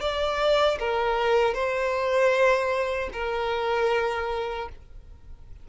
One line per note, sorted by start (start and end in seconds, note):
0.00 0.78 D5
0.79 1.54 A#4
1.54 3.10 C5
3.12 4.68 A#4